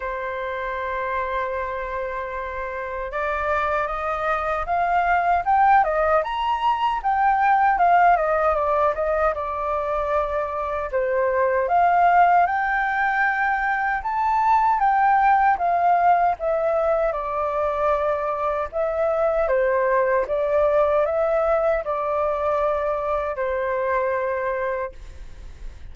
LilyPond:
\new Staff \with { instrumentName = "flute" } { \time 4/4 \tempo 4 = 77 c''1 | d''4 dis''4 f''4 g''8 dis''8 | ais''4 g''4 f''8 dis''8 d''8 dis''8 | d''2 c''4 f''4 |
g''2 a''4 g''4 | f''4 e''4 d''2 | e''4 c''4 d''4 e''4 | d''2 c''2 | }